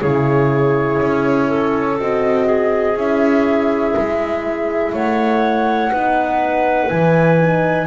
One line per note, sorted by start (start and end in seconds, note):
0.00 1.01 C#3
0.00 1.99 E4
0.00 1.48 G#4
0.00 1.98 C#5
1.01 1.99 C#4
1.48 2.45 A4
1.99 2.96 C4
1.99 2.97 F#4
1.99 2.98 D#5
2.45 4.91 G#4
2.96 3.94 C#4
2.96 5.92 E4
2.96 4.94 E5
3.96 4.93 G#3
4.93 5.91 A3
4.93 5.91 C#5
4.93 6.89 F#5
5.91 6.91 B3
5.91 6.89 D#4
5.91 7.86 B4
6.89 7.86 E3
6.89 7.38 E4
6.89 7.86 G#5
7.39 7.86 D#4